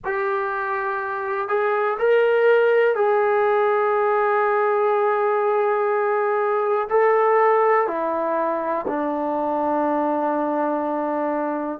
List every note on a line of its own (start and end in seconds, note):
0.04 1.48 G4
1.48 1.97 G#4
1.99 2.95 A#4
2.95 6.88 G#4
6.89 7.87 A4
7.87 8.85 E4
8.87 11.79 D4